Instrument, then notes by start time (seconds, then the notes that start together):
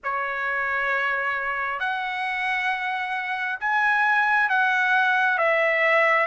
trumpet
0.03 C#5
1.79 F#5
3.59 G#5
4.49 F#5
5.38 E5